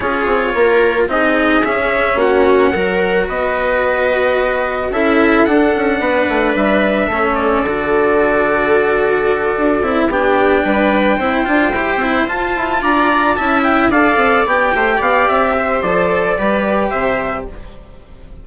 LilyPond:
<<
  \new Staff \with { instrumentName = "trumpet" } { \time 4/4 \tempo 4 = 110 cis''2 dis''4 e''4 | fis''2 dis''2~ | dis''4 e''4 fis''2 | e''4. d''2~ d''8~ |
d''2~ d''8 g''4.~ | g''2~ g''8 a''4 ais''8~ | ais''8 a''8 g''8 f''4 g''4 f''8 | e''4 d''2 e''4 | }
  \new Staff \with { instrumentName = "viola" } { \time 4/4 gis'4 ais'4 gis'2 | fis'4 ais'4 b'2~ | b'4 a'2 b'4~ | b'4 a'2.~ |
a'2~ a'8 g'4 b'8~ | b'8 c''2. d''8~ | d''8 e''4 d''4. c''8 d''8~ | d''8 c''4. b'4 c''4 | }
  \new Staff \with { instrumentName = "cello" } { \time 4/4 f'2 dis'4 cis'4~ | cis'4 fis'2.~ | fis'4 e'4 d'2~ | d'4 cis'4 fis'2~ |
fis'2 e'8 d'4.~ | d'8 e'8 f'8 g'8 e'8 f'4.~ | f'8 e'4 a'4 g'4.~ | g'4 a'4 g'2 | }
  \new Staff \with { instrumentName = "bassoon" } { \time 4/4 cis'8 c'8 ais4 c'4 cis'4 | ais4 fis4 b2~ | b4 cis'4 d'8 cis'8 b8 a8 | g4 a4 d2~ |
d4. d'8 c'8 b4 g8~ | g8 c'8 d'8 e'8 c'8 f'8 e'8 d'8~ | d'8 cis'4 d'8 c'8 b8 a8 b8 | c'4 f4 g4 c4 | }
>>